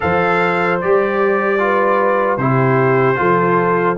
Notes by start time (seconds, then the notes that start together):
0.00 F3 A4 C5 F5
0.81 G3 G4 D5
1.58 F4 B4
2.37 C3 E4 G4 C5
3.15 F3 F4 A4